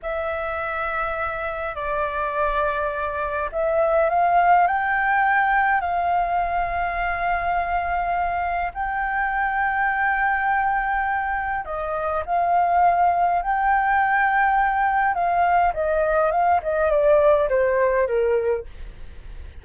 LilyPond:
\new Staff \with { instrumentName = "flute" } { \time 4/4 \tempo 4 = 103 e''2. d''4~ | d''2 e''4 f''4 | g''2 f''2~ | f''2. g''4~ |
g''1 | dis''4 f''2 g''4~ | g''2 f''4 dis''4 | f''8 dis''8 d''4 c''4 ais'4 | }